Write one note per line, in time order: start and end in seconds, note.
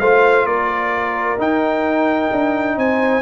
0.00 0.45 A3
0.00 1.38 F4
0.00 0.46 C5
0.00 0.46 F5
0.45 1.37 A#3
0.45 2.76 A#4
0.45 1.39 D5
1.38 2.30 D#4
1.38 3.22 D#4
1.38 2.79 G5
2.32 2.77 D4
2.77 3.22 C4
2.77 3.22 C5
2.77 3.22 G#5